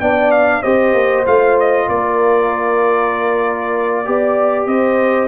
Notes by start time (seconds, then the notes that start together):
0.00 B3 D4 D5 G5
0.31 F5
0.62 C4 G4 C5 D#5
0.93 A#3
1.25 A3 F4 F5
1.59 D#5
1.88 A#3 A#4 D5
4.05 B3 G4 D5
4.66 C4 C5 D#5